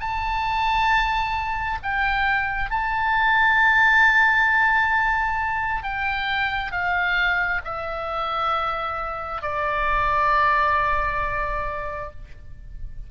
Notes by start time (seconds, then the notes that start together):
0.00 A5
1.83 G5
2.71 A5
5.83 G5
6.72 F5
7.64 E5
9.42 D5